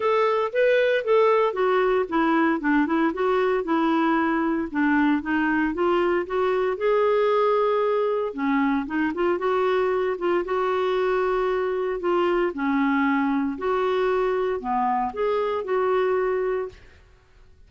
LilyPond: \new Staff \with { instrumentName = "clarinet" } { \time 4/4 \tempo 4 = 115 a'4 b'4 a'4 fis'4 | e'4 d'8 e'8 fis'4 e'4~ | e'4 d'4 dis'4 f'4 | fis'4 gis'2. |
cis'4 dis'8 f'8 fis'4. f'8 | fis'2. f'4 | cis'2 fis'2 | b4 gis'4 fis'2 | }